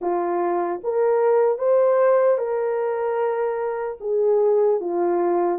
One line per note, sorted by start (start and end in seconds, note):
0.01 0.81 F4
0.83 1.58 A#4
1.58 2.38 C5
2.38 3.98 A#4
4.00 4.80 G#4
4.80 5.59 F4